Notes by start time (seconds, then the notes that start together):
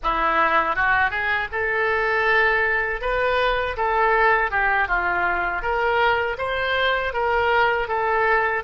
0.03 E4
0.75 F#4
1.10 G#4
1.52 A4
3.01 B4
3.76 A4
4.50 G4
4.88 F4
5.61 A#4
6.38 C5
7.13 A#4
7.88 A4